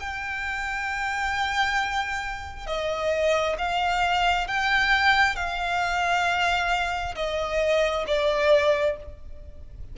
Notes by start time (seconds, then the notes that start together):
0.00 G5
2.67 D#5
3.59 F5
4.48 G5
5.36 F5
7.16 D#5
8.08 D5